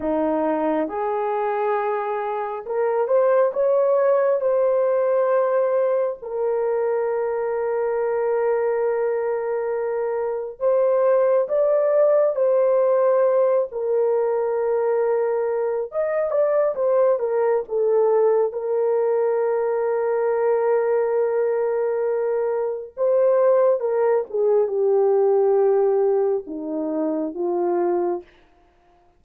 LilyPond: \new Staff \with { instrumentName = "horn" } { \time 4/4 \tempo 4 = 68 dis'4 gis'2 ais'8 c''8 | cis''4 c''2 ais'4~ | ais'1 | c''4 d''4 c''4. ais'8~ |
ais'2 dis''8 d''8 c''8 ais'8 | a'4 ais'2.~ | ais'2 c''4 ais'8 gis'8 | g'2 dis'4 f'4 | }